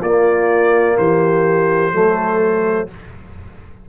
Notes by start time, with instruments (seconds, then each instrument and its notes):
0.00 tuba A#3, trombone A#3, horn F4, trumpet D5
0.98 tuba E3, horn G4, trumpet C5
1.93 tuba F#3, trombone A3, horn A4